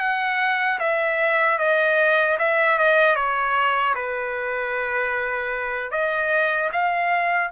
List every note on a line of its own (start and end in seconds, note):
0.00 0.79 F#5
0.80 1.59 E5
1.59 2.38 D#5
2.39 2.78 E5
2.79 3.16 D#5
3.16 3.95 C#5
3.95 5.91 B4
5.91 6.70 D#5
6.73 7.52 F5